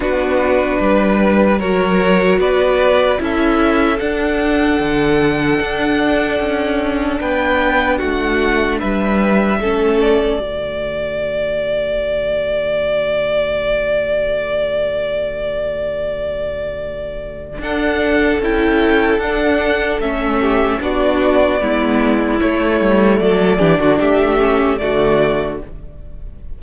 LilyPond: <<
  \new Staff \with { instrumentName = "violin" } { \time 4/4 \tempo 4 = 75 b'2 cis''4 d''4 | e''4 fis''2.~ | fis''4 g''4 fis''4 e''4~ | e''8 d''2.~ d''8~ |
d''1~ | d''2 fis''4 g''4 | fis''4 e''4 d''2 | cis''4 d''4 e''4 d''4 | }
  \new Staff \with { instrumentName = "violin" } { \time 4/4 fis'4 b'4 ais'4 b'4 | a'1~ | a'4 b'4 fis'4 b'4 | a'4 fis'2.~ |
fis'1~ | fis'2 a'2~ | a'4. g'8 fis'4 e'4~ | e'4 a'8 g'16 fis'16 g'4 fis'4 | }
  \new Staff \with { instrumentName = "viola" } { \time 4/4 d'2 fis'2 | e'4 d'2.~ | d'1 | cis'4 a2.~ |
a1~ | a2 d'4 e'4 | d'4 cis'4 d'4 b4 | a4. d'4 cis'8 a4 | }
  \new Staff \with { instrumentName = "cello" } { \time 4/4 b4 g4 fis4 b4 | cis'4 d'4 d4 d'4 | cis'4 b4 a4 g4 | a4 d2.~ |
d1~ | d2 d'4 cis'4 | d'4 a4 b4 gis4 | a8 g8 fis8 e16 d16 a4 d4 | }
>>